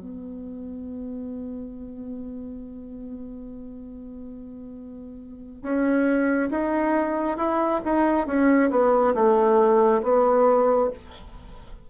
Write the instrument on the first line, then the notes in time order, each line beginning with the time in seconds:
bassoon
0.00 B3
5.62 C#4
6.50 D#4
7.37 E4
7.85 D#4
8.26 C#4
8.70 B3
9.15 A3
10.03 B3